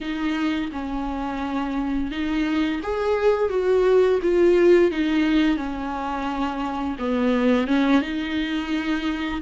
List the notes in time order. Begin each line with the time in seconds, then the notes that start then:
0.01 D#4
0.72 C#4
2.11 D#4
2.83 G#4
3.49 F#4
4.22 F4
4.91 D#4
5.57 C#4
6.98 B3
7.67 C#4
8.01 D#4